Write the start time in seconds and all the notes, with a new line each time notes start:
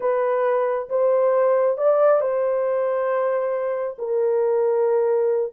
0.00 B4
0.89 C5
1.77 D5
2.20 C5
3.98 A#4